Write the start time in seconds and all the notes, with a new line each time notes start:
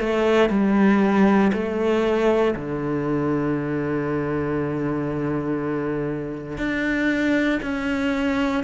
0.00 A3
0.50 G3
1.53 A3
2.56 D3
6.58 D4
7.63 C#4